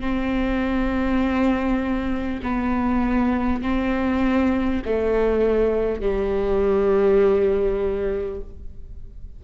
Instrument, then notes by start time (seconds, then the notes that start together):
viola
0.00 C4
2.42 B3
3.62 C4
4.85 A3
6.01 G3